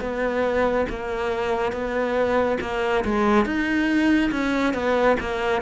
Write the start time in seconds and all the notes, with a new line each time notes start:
0.00 B3
0.89 A#3
1.72 B3
2.61 A#3
3.04 G#3
3.45 D#4
4.31 C#4
4.73 B3
5.20 A#3